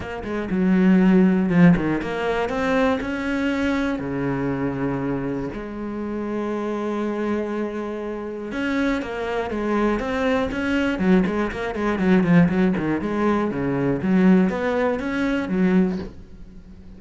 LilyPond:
\new Staff \with { instrumentName = "cello" } { \time 4/4 \tempo 4 = 120 ais8 gis8 fis2 f8 dis8 | ais4 c'4 cis'2 | cis2. gis4~ | gis1~ |
gis4 cis'4 ais4 gis4 | c'4 cis'4 fis8 gis8 ais8 gis8 | fis8 f8 fis8 dis8 gis4 cis4 | fis4 b4 cis'4 fis4 | }